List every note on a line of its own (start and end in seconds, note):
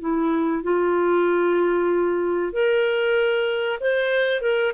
0.00 0.63 E4
0.63 2.52 F4
2.52 3.79 A#4
3.80 4.41 C5
4.41 4.73 A#4